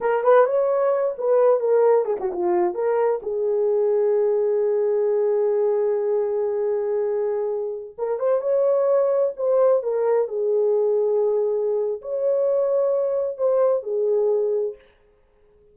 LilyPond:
\new Staff \with { instrumentName = "horn" } { \time 4/4 \tempo 4 = 130 ais'8 b'8 cis''4. b'4 ais'8~ | ais'8 gis'16 fis'16 f'4 ais'4 gis'4~ | gis'1~ | gis'1~ |
gis'4~ gis'16 ais'8 c''8 cis''4.~ cis''16~ | cis''16 c''4 ais'4 gis'4.~ gis'16~ | gis'2 cis''2~ | cis''4 c''4 gis'2 | }